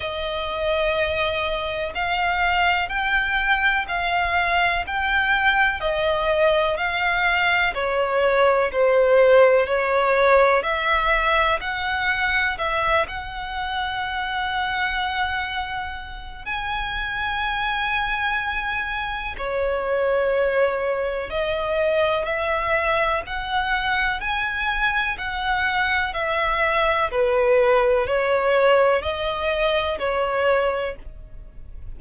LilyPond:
\new Staff \with { instrumentName = "violin" } { \time 4/4 \tempo 4 = 62 dis''2 f''4 g''4 | f''4 g''4 dis''4 f''4 | cis''4 c''4 cis''4 e''4 | fis''4 e''8 fis''2~ fis''8~ |
fis''4 gis''2. | cis''2 dis''4 e''4 | fis''4 gis''4 fis''4 e''4 | b'4 cis''4 dis''4 cis''4 | }